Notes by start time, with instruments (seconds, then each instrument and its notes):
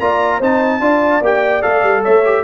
0.00 tuba A#3, trombone F4, horn D5, trumpet A#5
0.38 tuba C4, trombone D#4, horn C5, trumpet A5
0.80 tuba D4, trombone F4, horn D5
1.22 tuba A#3, trombone G4, trumpet G5
1.62 tuba A3, trombone A4, trumpet F5
1.84 tuba G3
2.03 tuba A3, horn C#5, trumpet E5
2.25 trombone G4